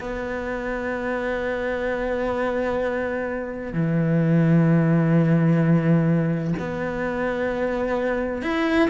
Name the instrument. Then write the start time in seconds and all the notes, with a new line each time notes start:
cello
0.00 B3
3.72 E3
6.59 B3
8.42 E4